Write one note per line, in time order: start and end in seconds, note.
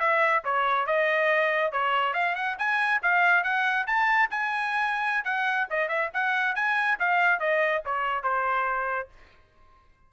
0.00 0.43 E5
0.45 0.86 C#5
0.86 1.72 D#5
1.72 2.14 C#5
2.14 2.35 F5
2.36 2.57 F#5
2.59 3.01 G#5
3.03 3.44 F5
3.44 3.87 F#5
3.87 4.30 A5
4.31 5.25 G#5
5.25 5.67 F#5
5.70 5.89 D#5
5.89 6.10 E5
6.14 6.56 F#5
6.56 6.98 G#5
7.00 7.40 F5
7.40 7.83 D#5
7.85 8.23 C#5
8.23 9.09 C5